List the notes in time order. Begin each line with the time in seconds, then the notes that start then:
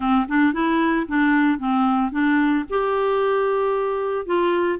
0.00 C4
0.28 D4
0.53 E4
1.08 D4
1.58 C4
2.11 D4
2.69 G4
4.26 F4